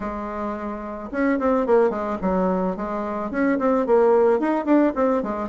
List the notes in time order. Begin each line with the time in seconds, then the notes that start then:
0.00 G#3
1.11 C#4
1.39 C4
1.66 A#3
1.90 G#3
2.21 F#3
2.76 G#3
3.31 C#4
3.58 C4
3.86 A#3
4.39 D#4
4.65 D4
4.95 C4
5.23 G#3